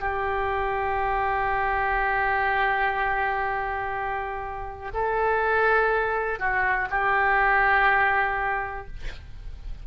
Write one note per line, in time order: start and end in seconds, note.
0.00 4.92 G4
4.94 6.39 A4
6.39 6.89 F#4
6.90 8.87 G4